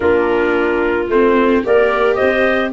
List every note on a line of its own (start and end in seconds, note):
0.00 1.08 A#3
0.00 1.07 D4
0.00 1.64 F4
0.00 1.08 A#4
1.08 1.62 A3
1.08 1.64 C4
1.08 1.64 C5
1.64 2.20 A#3
1.64 2.73 G4
1.64 2.15 A#4
1.64 2.15 D5
2.15 2.73 C4
2.15 2.70 C5
2.15 2.69 D#5